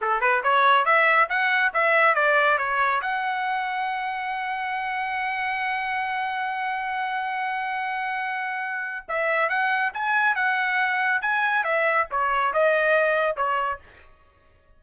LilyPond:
\new Staff \with { instrumentName = "trumpet" } { \time 4/4 \tempo 4 = 139 a'8 b'8 cis''4 e''4 fis''4 | e''4 d''4 cis''4 fis''4~ | fis''1~ | fis''1~ |
fis''1~ | fis''4 e''4 fis''4 gis''4 | fis''2 gis''4 e''4 | cis''4 dis''2 cis''4 | }